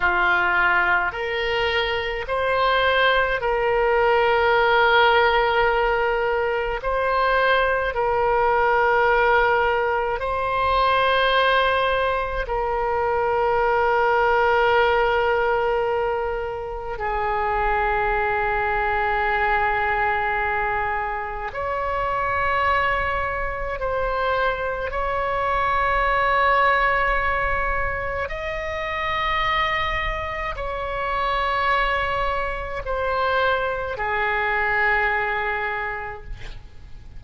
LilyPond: \new Staff \with { instrumentName = "oboe" } { \time 4/4 \tempo 4 = 53 f'4 ais'4 c''4 ais'4~ | ais'2 c''4 ais'4~ | ais'4 c''2 ais'4~ | ais'2. gis'4~ |
gis'2. cis''4~ | cis''4 c''4 cis''2~ | cis''4 dis''2 cis''4~ | cis''4 c''4 gis'2 | }